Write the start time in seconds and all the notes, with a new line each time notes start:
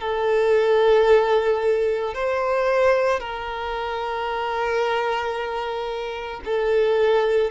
0.00 A4
2.14 C5
3.19 A#4
6.45 A4